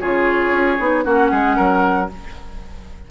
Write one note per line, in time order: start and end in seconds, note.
0.00 0.52 C#3
0.00 0.79 F4
0.00 1.05 G#4
0.00 1.05 C#5
0.52 0.78 C#4
0.79 1.05 B3
0.79 1.04 D#4
1.04 1.32 A#3
1.04 2.09 C#4
1.04 1.31 F#4
1.04 2.10 F#5
1.31 1.58 G#3
1.31 1.57 G#4
1.57 2.11 F#3
1.57 2.09 A#4